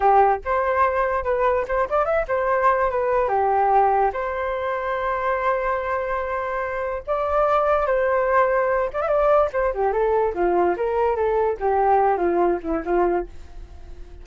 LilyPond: \new Staff \with { instrumentName = "flute" } { \time 4/4 \tempo 4 = 145 g'4 c''2 b'4 | c''8 d''8 e''8 c''4. b'4 | g'2 c''2~ | c''1~ |
c''4 d''2 c''4~ | c''4. d''16 e''16 d''4 c''8 g'8 | a'4 f'4 ais'4 a'4 | g'4. f'4 e'8 f'4 | }